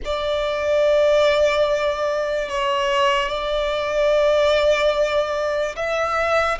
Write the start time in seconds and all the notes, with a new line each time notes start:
0.04 D5
2.48 C#5
3.29 D5
5.76 E5